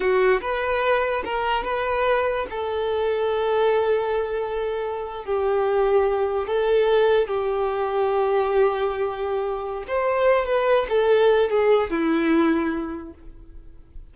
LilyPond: \new Staff \with { instrumentName = "violin" } { \time 4/4 \tempo 4 = 146 fis'4 b'2 ais'4 | b'2 a'2~ | a'1~ | a'8. g'2. a'16~ |
a'4.~ a'16 g'2~ g'16~ | g'1 | c''4. b'4 a'4. | gis'4 e'2. | }